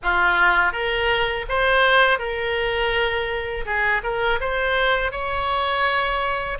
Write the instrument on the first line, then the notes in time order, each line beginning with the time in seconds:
oboe
0.02 F4
0.72 A#4
1.48 C5
2.19 A#4
3.65 G#4
4.03 A#4
4.40 C5
5.11 C#5